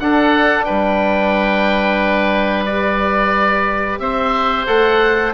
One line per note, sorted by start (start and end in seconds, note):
0.00 0.67 D4
0.00 2.68 D4
0.00 0.66 A4
0.00 0.65 F#5
0.65 3.99 G3
0.65 3.99 B4
0.65 2.65 G5
2.66 4.67 G4
2.66 3.99 D5
3.99 4.66 C4
3.99 5.34 C5
3.99 4.66 E5
4.67 5.34 A3
4.67 5.34 A4
4.67 5.33 F#5